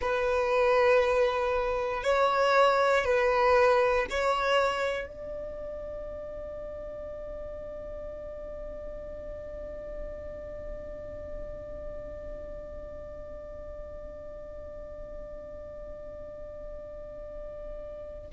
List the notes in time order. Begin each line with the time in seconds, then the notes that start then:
0.00 B4
2.03 C#5
3.04 B4
4.10 C#5
5.07 D5